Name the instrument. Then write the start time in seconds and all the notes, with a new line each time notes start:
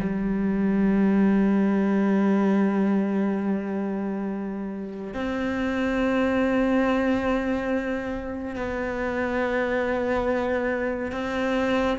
cello
0.00 G3
5.14 C4
8.56 B3
11.12 C4